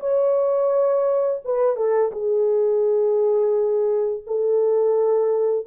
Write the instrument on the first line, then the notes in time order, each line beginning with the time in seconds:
horn
0.00 C#5
1.44 B4
1.76 A4
2.12 G#4
4.26 A4